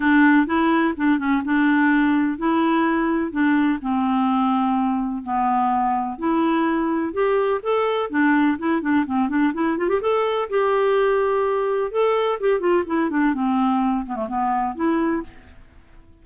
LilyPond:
\new Staff \with { instrumentName = "clarinet" } { \time 4/4 \tempo 4 = 126 d'4 e'4 d'8 cis'8 d'4~ | d'4 e'2 d'4 | c'2. b4~ | b4 e'2 g'4 |
a'4 d'4 e'8 d'8 c'8 d'8 | e'8 f'16 g'16 a'4 g'2~ | g'4 a'4 g'8 f'8 e'8 d'8 | c'4. b16 a16 b4 e'4 | }